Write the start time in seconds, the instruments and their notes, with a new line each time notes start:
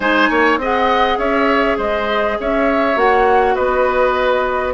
0.00 bassoon G#3, clarinet D#4, oboe C5, flute G#5
0.29 bassoon A#3, oboe C#5
0.57 bassoon C4, clarinet G#4, oboe D#5
0.64 flute F#5
1.18 bassoon C#4, oboe C#5, flute E5
1.77 bassoon G#3, oboe C5, flute D#5
2.39 bassoon C#4, oboe C#5, flute E5
2.95 bassoon A#3, clarinet F#4, flute F#5
3.54 bassoon B3, oboe B4, flute D#5